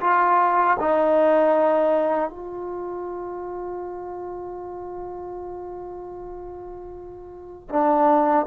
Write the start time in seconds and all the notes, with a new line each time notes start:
0.00 F4
0.80 D#4
2.30 F4
7.69 D4